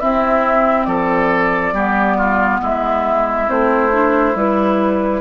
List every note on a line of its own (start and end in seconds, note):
0.00 1.74 C4
0.00 0.87 C4
0.00 0.87 E4
0.00 0.85 E5
0.85 1.73 F3
0.85 1.74 A4
0.85 2.59 D5
1.73 2.60 G3
1.73 3.47 B3
1.73 2.18 G4
2.18 2.61 F4
2.62 3.50 G#3
2.62 5.21 E4
2.62 3.50 E5
3.47 4.35 A3
3.47 3.91 C4
3.47 4.37 C5
3.92 4.35 D4
4.35 5.21 G3
4.35 5.21 E4
4.35 5.21 B4